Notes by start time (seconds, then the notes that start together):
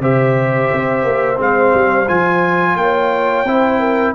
0.00 C3 G4 C5 E5
0.73 C4
1.04 A#3
1.36 G#3 C4 F5
1.74 G3
2.08 F3 F4 G#5
2.76 A#3 C#5 G5
3.45 C4 E4 C5
3.80 A#4